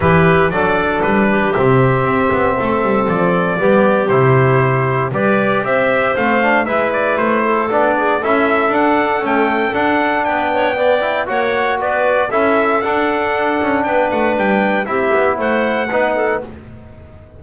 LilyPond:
<<
  \new Staff \with { instrumentName = "trumpet" } { \time 4/4 \tempo 4 = 117 b'4 d''4 b'4 e''4~ | e''2 d''2 | c''2 d''4 e''4 | f''4 e''8 d''8 c''4 d''4 |
e''4 fis''4 g''4 fis''4 | g''2 fis''4 d''4 | e''4 fis''2 g''8 fis''8 | g''4 e''4 fis''2 | }
  \new Staff \with { instrumentName = "clarinet" } { \time 4/4 g'4 a'4. g'4.~ | g'4 a'2 g'4~ | g'2 b'4 c''4~ | c''4 b'4. a'4 gis'8 |
a'1 | b'8 cis''8 d''4 cis''4 b'4 | a'2. b'4~ | b'4 g'4 c''4 b'8 a'8 | }
  \new Staff \with { instrumentName = "trombone" } { \time 4/4 e'4 d'2 c'4~ | c'2. b4 | e'2 g'2 | c'8 d'8 e'2 d'4 |
e'4 d'4 a4 d'4~ | d'4 b8 e'8 fis'2 | e'4 d'2.~ | d'4 e'2 dis'4 | }
  \new Staff \with { instrumentName = "double bass" } { \time 4/4 e4 fis4 g4 c4 | c'8 b8 a8 g8 f4 g4 | c2 g4 c'4 | a4 gis4 a4 b4 |
cis'4 d'4 cis'4 d'4 | b2 ais4 b4 | cis'4 d'4. cis'8 b8 a8 | g4 c'8 b8 a4 b4 | }
>>